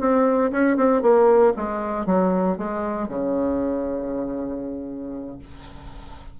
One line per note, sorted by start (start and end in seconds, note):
0.00 0.51 C4
0.52 0.77 C#4
0.77 1.02 C4
1.02 1.53 A#3
1.57 2.06 G#3
2.06 2.58 F#3
2.58 3.08 G#3
3.08 5.39 C#3